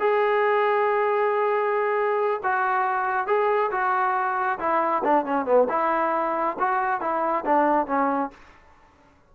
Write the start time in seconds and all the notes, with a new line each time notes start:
0.00 G#4
2.43 F#4
3.27 G#4
3.71 F#4
4.59 E4
5.04 D4
5.25 C#4
5.46 B3
5.69 E4
6.60 F#4
7.01 E4
7.46 D4
7.87 C#4